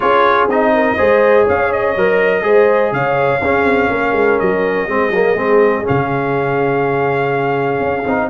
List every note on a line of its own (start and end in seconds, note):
0.00 0.47 C#4
0.00 0.49 F4
0.00 0.73 G#4
0.00 0.47 C#5
0.47 0.96 C4
0.47 0.97 D#4
0.47 1.47 D#5
0.74 0.96 A#4
0.96 1.48 G#3
0.96 1.95 G#4
0.96 1.44 C5
1.44 1.95 C#4
1.44 2.41 C#5
1.44 1.72 F5
1.72 2.93 D#5
1.95 2.43 F#3
1.95 2.42 A#4
2.42 2.92 G#3
2.42 3.39 G#4
2.42 2.93 C5
2.92 3.40 C#3
2.92 3.41 C#5
2.92 4.39 F5
3.41 3.64 C#4
3.41 4.88 C#4
3.41 3.90 G#4
3.64 3.88 C4
3.89 4.12 A#3
3.89 4.90 A#4
4.12 4.37 G#3
4.39 4.87 F#3
4.39 5.85 D#5
4.87 5.10 G#3
4.87 5.12 C4
4.87 8.29 G#4
5.10 5.34 F#3
5.10 5.36 A#3
5.34 5.83 G#3
5.34 5.83 C4
5.83 8.02 C#4
5.83 8.29 F5
5.89 7.80 C#3
7.80 8.04 C#4
8.05 8.29 C4
8.05 8.29 D#4